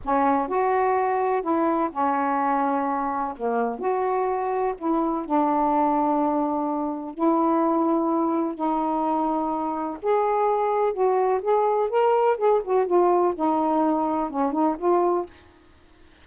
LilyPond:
\new Staff \with { instrumentName = "saxophone" } { \time 4/4 \tempo 4 = 126 cis'4 fis'2 e'4 | cis'2. ais4 | fis'2 e'4 d'4~ | d'2. e'4~ |
e'2 dis'2~ | dis'4 gis'2 fis'4 | gis'4 ais'4 gis'8 fis'8 f'4 | dis'2 cis'8 dis'8 f'4 | }